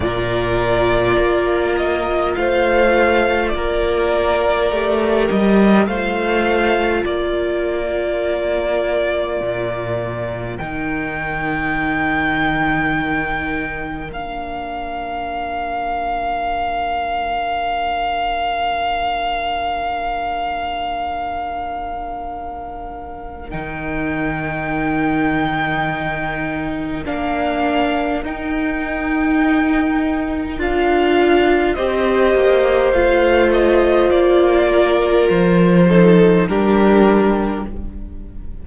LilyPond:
<<
  \new Staff \with { instrumentName = "violin" } { \time 4/4 \tempo 4 = 51 d''4. dis''8 f''4 d''4~ | d''8 dis''8 f''4 d''2~ | d''4 g''2. | f''1~ |
f''1 | g''2. f''4 | g''2 f''4 dis''4 | f''8 dis''8 d''4 c''4 ais'4 | }
  \new Staff \with { instrumentName = "violin" } { \time 4/4 ais'2 c''4 ais'4~ | ais'4 c''4 ais'2~ | ais'1~ | ais'1~ |
ais'1~ | ais'1~ | ais'2. c''4~ | c''4. ais'4 a'8 g'4 | }
  \new Staff \with { instrumentName = "viola" } { \time 4/4 f'1 | g'4 f'2.~ | f'4 dis'2. | d'1~ |
d'1 | dis'2. d'4 | dis'2 f'4 g'4 | f'2~ f'8 dis'8 d'4 | }
  \new Staff \with { instrumentName = "cello" } { \time 4/4 ais,4 ais4 a4 ais4 | a8 g8 a4 ais2 | ais,4 dis2. | ais1~ |
ais1 | dis2. ais4 | dis'2 d'4 c'8 ais8 | a4 ais4 f4 g4 | }
>>